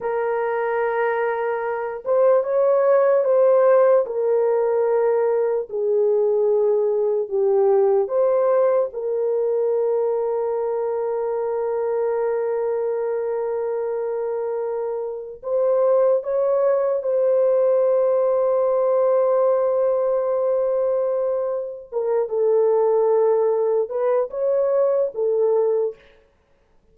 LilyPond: \new Staff \with { instrumentName = "horn" } { \time 4/4 \tempo 4 = 74 ais'2~ ais'8 c''8 cis''4 | c''4 ais'2 gis'4~ | gis'4 g'4 c''4 ais'4~ | ais'1~ |
ais'2. c''4 | cis''4 c''2.~ | c''2. ais'8 a'8~ | a'4. b'8 cis''4 a'4 | }